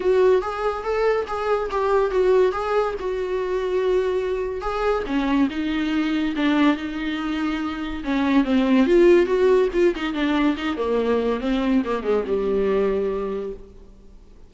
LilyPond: \new Staff \with { instrumentName = "viola" } { \time 4/4 \tempo 4 = 142 fis'4 gis'4 a'4 gis'4 | g'4 fis'4 gis'4 fis'4~ | fis'2. gis'4 | cis'4 dis'2 d'4 |
dis'2. cis'4 | c'4 f'4 fis'4 f'8 dis'8 | d'4 dis'8 ais4. c'4 | ais8 gis8 g2. | }